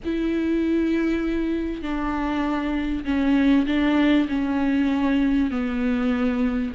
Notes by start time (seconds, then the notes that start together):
0.04 E4
1.81 D4
3.04 C#4
3.66 D4
4.28 C#4
5.50 B3